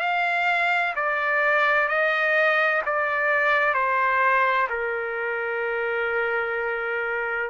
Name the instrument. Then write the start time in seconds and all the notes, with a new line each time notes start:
trumpet
0.00 F5
0.95 D5
1.88 D#5
2.85 D5
3.74 C5
4.69 A#4